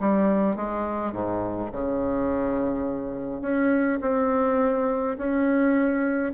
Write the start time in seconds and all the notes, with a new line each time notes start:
0.00 G3
0.56 G#3
1.12 G#2
1.72 C#3
3.41 C#4
4.01 C4
5.17 C#4